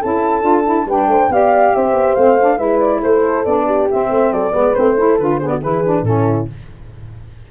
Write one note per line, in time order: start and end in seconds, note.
0.00 0.43 C#4
0.00 0.42 E4
0.00 0.86 A4
0.00 0.88 A5
0.42 0.86 D4
0.42 0.63 F4
0.65 0.86 E4
0.86 1.07 G3
0.86 1.32 D4
0.86 1.09 B4
0.86 1.32 G5
1.07 1.28 A3
1.07 1.32 C5
1.29 1.72 B3
1.29 2.17 G4
1.29 1.76 D5
1.29 1.75 F5
1.75 1.93 C4
1.75 2.58 C5
1.75 2.15 E5
1.93 2.15 B3
2.15 2.59 A3
2.15 2.39 C4
2.15 2.58 F5
2.41 2.58 D4
2.58 3.02 G#3
2.58 3.44 E4
2.58 3.01 B4
2.58 2.79 E5
2.79 3.01 D5
3.02 3.45 A3
3.02 3.66 A4
3.02 3.45 C5
3.45 3.89 B3
3.45 3.89 D4
3.45 3.88 D5
3.66 4.09 G4
3.91 4.52 C4
3.91 4.10 C4
3.91 4.33 E5
4.10 4.32 A3
4.10 4.33 C5
4.32 4.53 F#3
4.32 4.53 A4
4.32 4.75 D5
4.52 4.75 G#3
4.52 4.74 B3
4.52 4.96 B4
4.75 5.20 A3
4.75 4.98 C4
4.75 5.18 C5
4.96 5.19 E4
4.96 5.39 A4
5.19 5.63 D3
5.19 5.41 F4
5.19 5.39 B4
5.39 5.63 B3
5.39 5.50 G#4
5.39 5.48 C5
5.48 5.61 F#4
5.48 5.59 D5
5.62 6.03 E3
5.62 5.84 E4
5.62 6.05 G#4
5.62 6.04 B4
5.84 6.05 D4
6.03 6.46 A2
6.03 6.49 C#4
6.03 6.51 E4
6.03 6.48 A4